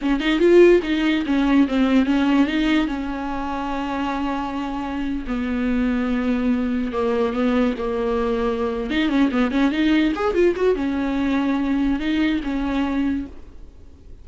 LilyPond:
\new Staff \with { instrumentName = "viola" } { \time 4/4 \tempo 4 = 145 cis'8 dis'8 f'4 dis'4 cis'4 | c'4 cis'4 dis'4 cis'4~ | cis'1~ | cis'8. b2.~ b16~ |
b8. ais4 b4 ais4~ ais16~ | ais4. dis'8 cis'8 b8 cis'8 dis'8~ | dis'8 gis'8 f'8 fis'8 cis'2~ | cis'4 dis'4 cis'2 | }